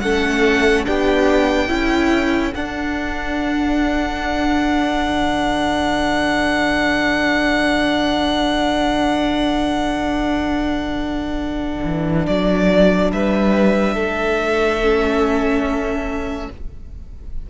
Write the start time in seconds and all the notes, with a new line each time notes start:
0.00 A3 C#4 A4 F#5
0.85 B3 D4 G4 G5
1.68 C#4 E4 A4
2.54 D4 F#5
5.09 D3
11.85 E3
12.27 F#3 D5
13.11 G3 B4 E5
13.94 A3 A4
14.81 C#4